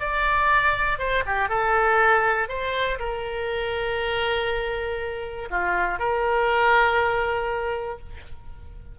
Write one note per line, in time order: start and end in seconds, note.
0.00 0.99 D5
0.99 1.24 C5
1.26 1.49 G4
1.49 2.49 A4
2.49 2.99 C5
2.99 5.49 A#4
5.50 5.99 F4
5.99 7.99 A#4